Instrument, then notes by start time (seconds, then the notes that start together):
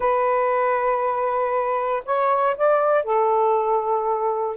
saxophone
0.00 B4
2.05 C#5
2.57 D5
3.04 A4